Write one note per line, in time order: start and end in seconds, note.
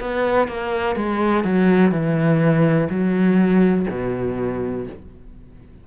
0.00 0.48 B3
0.48 0.95 A#3
0.95 1.44 G#3
1.44 1.91 F#3
1.91 2.88 E3
2.89 3.86 F#3
3.90 4.87 B2